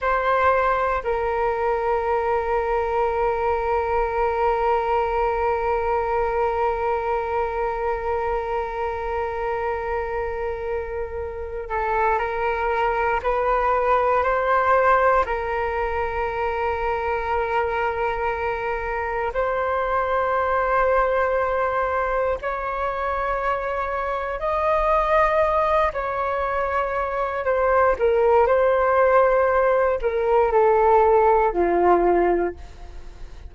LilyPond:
\new Staff \with { instrumentName = "flute" } { \time 4/4 \tempo 4 = 59 c''4 ais'2.~ | ais'1~ | ais'2.~ ais'8 a'8 | ais'4 b'4 c''4 ais'4~ |
ais'2. c''4~ | c''2 cis''2 | dis''4. cis''4. c''8 ais'8 | c''4. ais'8 a'4 f'4 | }